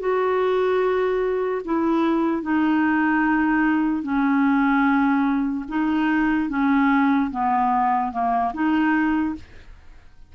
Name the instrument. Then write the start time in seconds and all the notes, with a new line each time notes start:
clarinet
0.00 F#4
1.65 E4
2.43 D#4
4.04 C#4
5.69 D#4
6.50 C#4
7.31 B3
8.12 A#3
8.54 D#4